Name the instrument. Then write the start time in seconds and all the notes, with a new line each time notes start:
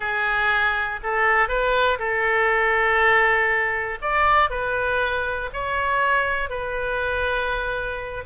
oboe
0.00 G#4
1.03 A4
1.48 B4
1.99 A4
4.01 D5
4.50 B4
5.52 C#5
6.49 B4